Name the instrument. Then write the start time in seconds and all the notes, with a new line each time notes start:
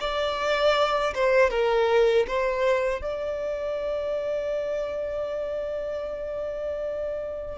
violin
0.00 D5
1.15 C5
1.50 A#4
2.27 C5
3.02 D5